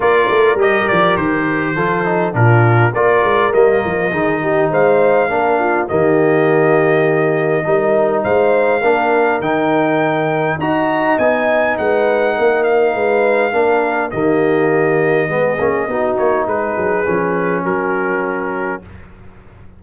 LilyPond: <<
  \new Staff \with { instrumentName = "trumpet" } { \time 4/4 \tempo 4 = 102 d''4 dis''8 d''8 c''2 | ais'4 d''4 dis''2 | f''2 dis''2~ | dis''2 f''2 |
g''2 ais''4 gis''4 | fis''4. f''2~ f''8 | dis''2.~ dis''8 cis''8 | b'2 ais'2 | }
  \new Staff \with { instrumentName = "horn" } { \time 4/4 ais'2. a'4 | f'4 ais'2 gis'8 g'8 | c''4 ais'8 f'8 g'2~ | g'4 ais'4 c''4 ais'4~ |
ais'2 dis''2 | b'4 ais'4 b'4 ais'4 | g'2 gis'4 fis'4 | gis'2 fis'2 | }
  \new Staff \with { instrumentName = "trombone" } { \time 4/4 f'4 g'2 f'8 dis'8 | d'4 f'4 ais4 dis'4~ | dis'4 d'4 ais2~ | ais4 dis'2 d'4 |
dis'2 fis'4 dis'4~ | dis'2. d'4 | ais2 b8 cis'8 dis'4~ | dis'4 cis'2. | }
  \new Staff \with { instrumentName = "tuba" } { \time 4/4 ais8 a8 g8 f8 dis4 f4 | ais,4 ais8 gis8 g8 f8 dis4 | gis4 ais4 dis2~ | dis4 g4 gis4 ais4 |
dis2 dis'4 b4 | gis4 ais4 gis4 ais4 | dis2 gis8 ais8 b8 ais8 | gis8 fis8 f4 fis2 | }
>>